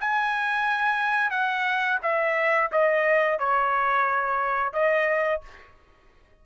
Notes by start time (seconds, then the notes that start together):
0.00 G#5
1.30 F#5
2.02 E5
2.71 D#5
3.39 C#5
4.73 D#5